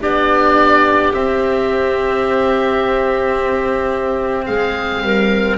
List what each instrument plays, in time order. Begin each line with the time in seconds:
0.00 double bass B3, cello D4, clarinet G4, oboe D5
1.14 cello C4, double bass C4, oboe E5
4.46 double bass G#3, clarinet G#4, oboe F5
5.03 double bass G3, clarinet A#4